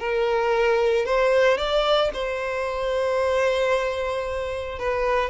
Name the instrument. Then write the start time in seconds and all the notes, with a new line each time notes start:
violin
0.00 A#4
1.06 C5
1.58 D5
2.14 C5
4.79 B4